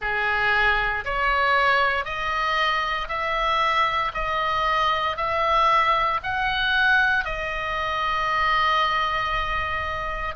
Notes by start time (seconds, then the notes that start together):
0.00 G#4
1.04 C#5
2.04 D#5
3.08 E5
4.14 D#5
5.17 E5
6.23 F#5
7.24 D#5